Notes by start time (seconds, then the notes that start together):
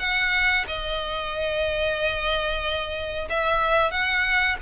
0.00 F#5
0.68 D#5
3.30 E5
3.92 F#5